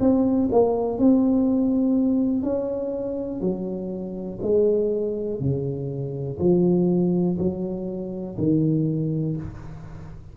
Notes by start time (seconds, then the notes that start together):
0.00 C4
0.52 A#3
0.98 C4
2.43 C#4
3.41 F#3
4.42 G#3
5.40 C#3
6.39 F3
7.38 F#3
8.38 D#3